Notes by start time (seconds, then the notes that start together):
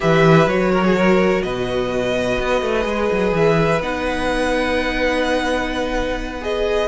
0.00 E3 G4 B4 E5
0.46 F#3 F#4 C#5
0.72 A#4
0.85 G#4
0.96 A#4
1.42 B2 B4 D#5
2.38 B3
2.61 A3
2.82 G#3 G#4
3.12 F#3
3.32 E3 E5
3.79 B3 D#4 F#5
6.41 G#4 D#5